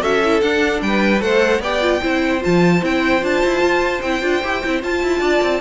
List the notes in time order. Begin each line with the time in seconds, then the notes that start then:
0.00 C#4 F#4 A4 E5
0.24 E4
0.41 D4 F#5
0.81 G3 B4 G5
1.19 A3 A4 C5 F#5
1.59 B3 G4 D5 G5
1.81 F4
2.01 C4 E4 C5
2.40 F3 F4 A5
2.81 C4 E4 G5
3.20 D4 F4 A5
3.44 E4
3.62 F4
4.01 C4 E4 G5
4.21 D4 F4
4.43 E4 G4
4.63 C4 E4
4.82 F4 A5
5.02 E4
5.19 D4 D5
5.42 C4